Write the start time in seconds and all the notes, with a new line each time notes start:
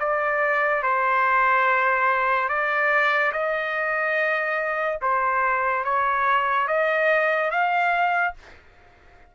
0.00 D5
0.83 C5
2.49 D5
3.33 D#5
5.02 C5
5.84 C#5
6.68 D#5
7.51 F5